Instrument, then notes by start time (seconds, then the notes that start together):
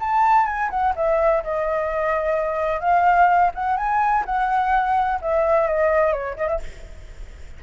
flute
0.00 A5
0.46 G#5
0.71 F#5
0.96 E5
1.44 D#5
2.80 F5
3.55 F#5
3.77 G#5
4.26 F#5
5.22 E5
5.68 D#5
6.13 C#5
6.37 D#5
6.48 E5